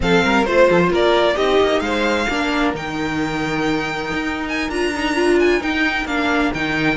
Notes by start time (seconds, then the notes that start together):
0.00 F3 C4 A4 F5
0.24 G3 A#4
0.44 A3 F4 C5
0.69 F3 A4
0.80 C5
0.90 A#3 A#4 D5
1.34 C4 D#4 G4 D#5
1.60 A#3
1.80 G#3 C5 F5
2.29 A#3 D4 A#4
2.74 D#3 D#4 G5
4.12 D#4
4.48 G#5
4.69 D4 F4 A#5
4.95 D#4
5.15 F4
5.39 G#5
5.60 D#4 G5
6.05 A#3 D4 F5
6.54 D#3 D#4 G5